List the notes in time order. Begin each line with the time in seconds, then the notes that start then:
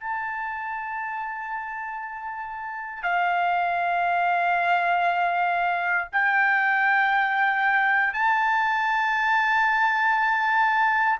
0.00 A5
3.03 F5
6.12 G5
8.14 A5